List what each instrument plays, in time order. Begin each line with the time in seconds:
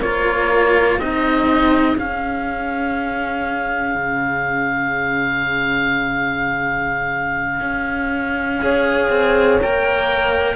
0.00 cello A#3 F4, horn A#4, oboe C#5
0.98 cello C4 D#4, horn G#4, oboe D#5
1.97 cello C#4, oboe F5
3.95 cello C#3
7.61 cello C#4
8.62 cello G#4, horn C#5
9.10 cello C4
9.61 cello A#3 A#4, oboe G5